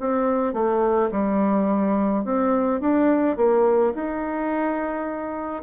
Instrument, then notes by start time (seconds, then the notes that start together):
bassoon
0.00 C4
0.54 A3
1.12 G3
2.25 C4
2.81 D4
3.37 A#3
3.95 D#4